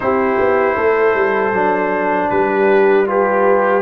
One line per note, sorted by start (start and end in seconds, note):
0.00 0.38 C4
0.00 1.53 E4
0.00 0.75 G4
0.00 2.29 C5
0.38 0.76 B3
0.75 1.15 A3
0.75 2.29 A4
1.15 1.53 G3
1.53 2.29 F#3
1.53 3.06 D4
2.29 3.81 G3
2.29 3.08 G4
2.29 3.06 B4
3.06 3.81 F4
3.06 3.81 G4
3.06 3.81 B4